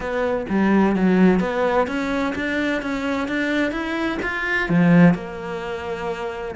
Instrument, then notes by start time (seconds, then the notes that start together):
cello
0.00 B3
0.49 G3
0.95 F#3
1.40 B3
1.87 C#4
2.35 D4
2.81 C#4
3.27 D4
3.71 E4
4.22 F4
4.69 F3
5.14 A#3